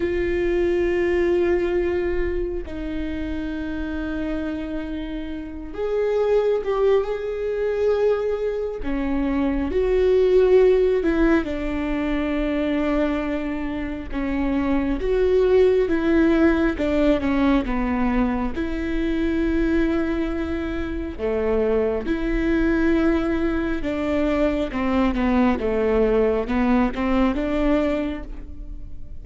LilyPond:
\new Staff \with { instrumentName = "viola" } { \time 4/4 \tempo 4 = 68 f'2. dis'4~ | dis'2~ dis'8 gis'4 g'8 | gis'2 cis'4 fis'4~ | fis'8 e'8 d'2. |
cis'4 fis'4 e'4 d'8 cis'8 | b4 e'2. | a4 e'2 d'4 | c'8 b8 a4 b8 c'8 d'4 | }